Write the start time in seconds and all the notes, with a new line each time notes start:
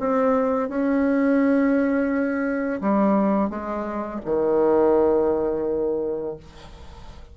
0.00 C4
0.69 C#4
2.81 G3
3.50 G#3
4.25 D#3